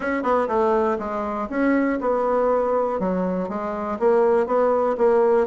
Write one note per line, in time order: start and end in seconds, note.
0.00 0.22 C#4
0.22 0.47 B3
0.48 0.97 A3
0.98 1.48 G#3
1.49 1.99 C#4
2.00 2.99 B3
2.99 3.48 F#3
3.48 3.98 G#3
3.99 4.46 A#3
4.46 4.95 B3
4.97 5.47 A#3